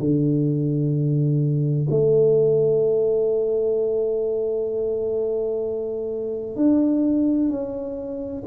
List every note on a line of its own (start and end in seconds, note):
0.00 1.87 D3
1.90 6.56 A3
6.56 7.50 D4
7.50 8.43 C#4